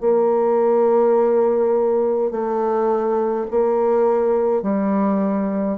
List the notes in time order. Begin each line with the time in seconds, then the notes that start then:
0.00 A#3
2.31 A3
3.51 A#3
4.62 G3